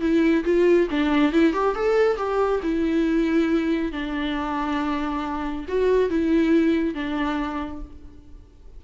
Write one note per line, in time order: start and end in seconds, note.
0.00 0.43 E4
0.44 0.88 F4
0.90 1.32 D4
1.32 1.53 E4
1.53 1.75 G4
1.75 2.17 A4
2.17 2.60 G4
2.63 3.92 E4
3.92 5.66 D4
5.68 6.09 F#4
6.09 6.94 E4
6.94 7.81 D4